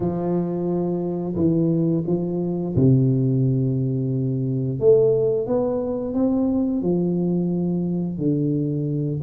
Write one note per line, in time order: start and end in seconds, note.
0.00 1.35 F3
1.35 2.03 E3
2.06 2.75 F3
2.75 4.79 C3
4.79 5.46 A3
5.46 6.14 B3
6.14 6.82 C4
6.82 8.18 F3
8.18 9.20 D3